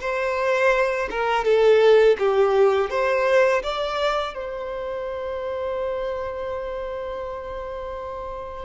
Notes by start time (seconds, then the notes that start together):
0.00 C5
1.10 A#4
1.44 A4
2.19 G4
2.89 C5
3.62 D5
4.34 C5